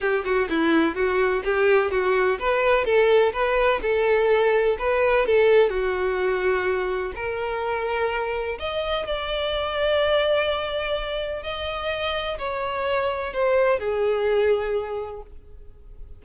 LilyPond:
\new Staff \with { instrumentName = "violin" } { \time 4/4 \tempo 4 = 126 g'8 fis'8 e'4 fis'4 g'4 | fis'4 b'4 a'4 b'4 | a'2 b'4 a'4 | fis'2. ais'4~ |
ais'2 dis''4 d''4~ | d''1 | dis''2 cis''2 | c''4 gis'2. | }